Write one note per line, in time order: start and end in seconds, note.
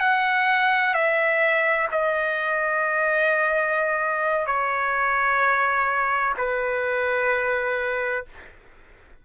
0.00 0.94 F#5
0.94 1.87 E5
1.92 4.47 D#5
4.47 6.34 C#5
6.37 8.25 B4